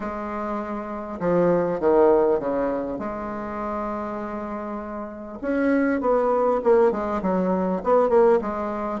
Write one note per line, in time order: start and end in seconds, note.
0.00 1.19 G#3
1.19 1.79 F3
1.80 2.39 D#3
2.39 2.98 C#3
2.98 5.38 G#3
5.41 6.00 C#4
6.00 6.60 B3
6.63 6.91 A#3
6.91 7.21 G#3
7.22 7.82 F#3
7.83 8.09 B3
8.09 8.39 A#3
8.41 9.00 G#3